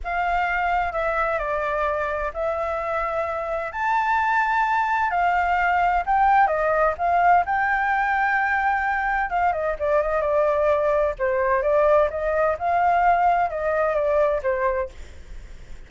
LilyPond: \new Staff \with { instrumentName = "flute" } { \time 4/4 \tempo 4 = 129 f''2 e''4 d''4~ | d''4 e''2. | a''2. f''4~ | f''4 g''4 dis''4 f''4 |
g''1 | f''8 dis''8 d''8 dis''8 d''2 | c''4 d''4 dis''4 f''4~ | f''4 dis''4 d''4 c''4 | }